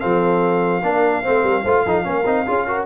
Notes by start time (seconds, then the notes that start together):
0.00 F3 C4 A4 F5
0.83 A#3 D4 A#4
1.22 C4 C5
1.28 A3
1.42 G3 A#4
1.63 A3 F4 C5
1.85 F3 D#4 A4
2.04 A#3 C#4 A#4
2.26 C4 D#4
2.46 C#4 F4 G#4
2.67 F#4 A#4